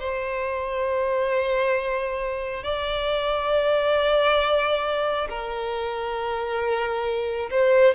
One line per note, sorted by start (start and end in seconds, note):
0.00 2.64 C5
2.64 5.29 D5
5.30 7.50 A#4
7.51 7.95 C5